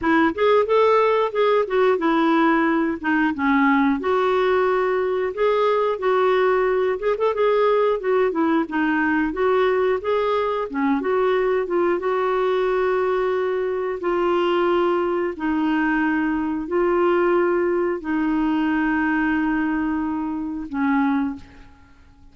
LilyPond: \new Staff \with { instrumentName = "clarinet" } { \time 4/4 \tempo 4 = 90 e'8 gis'8 a'4 gis'8 fis'8 e'4~ | e'8 dis'8 cis'4 fis'2 | gis'4 fis'4. gis'16 a'16 gis'4 | fis'8 e'8 dis'4 fis'4 gis'4 |
cis'8 fis'4 f'8 fis'2~ | fis'4 f'2 dis'4~ | dis'4 f'2 dis'4~ | dis'2. cis'4 | }